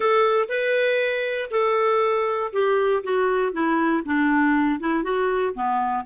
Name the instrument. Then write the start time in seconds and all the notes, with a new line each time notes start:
clarinet
0.00 A4
0.49 B4
1.51 A4
2.52 G4
3.03 F#4
3.52 E4
4.05 D4
4.80 E4
5.03 F#4
5.54 B3